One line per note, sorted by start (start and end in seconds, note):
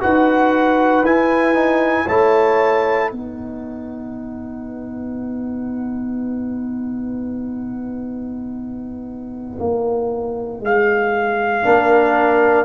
0.00 1.02 D#4
0.00 1.03 F#4
0.00 2.07 B4
0.00 1.05 F#5
1.02 2.06 E4
1.02 1.54 E4
1.02 2.08 G#5
1.54 2.06 D#4
2.07 3.11 A3
2.07 3.11 E4
2.07 3.10 C#5
2.07 3.11 A5
3.10 9.58 B3
3.10 11.62 D#4
3.10 11.64 B4
3.10 10.61 F#5
9.59 10.60 A#3
10.60 11.64 G#3
10.60 12.64 F5
11.62 12.64 A#3
11.62 12.64 D4
11.62 12.64 A#4